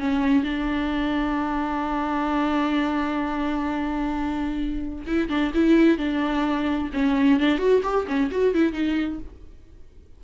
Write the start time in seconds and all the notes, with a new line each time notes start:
0.00 C#4
0.43 D4
5.07 E4
5.29 D4
5.54 E4
5.98 D4
6.94 C#4
7.40 D4
7.59 F#4
7.83 G4
8.07 C#4
8.31 F#4
8.54 E4
8.73 D#4